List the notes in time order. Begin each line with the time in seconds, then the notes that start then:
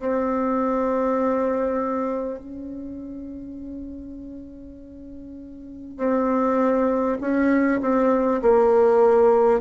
0.00 C4
2.39 C#4
5.98 C4
7.21 C#4
7.81 C4
8.42 A#3